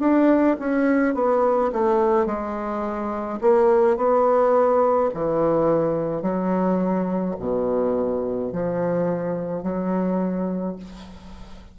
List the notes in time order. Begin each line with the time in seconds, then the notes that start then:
0.00 D4
0.60 C#4
1.15 B3
1.73 A3
2.26 G#3
3.42 A#3
3.97 B3
5.15 E3
6.23 F#3
7.39 B2
8.53 F3
9.63 F#3